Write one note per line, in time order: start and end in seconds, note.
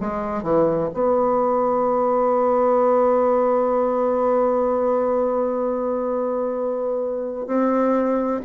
0.00 0.43 G#3
0.43 0.89 E3
0.93 7.46 B3
7.46 8.40 C4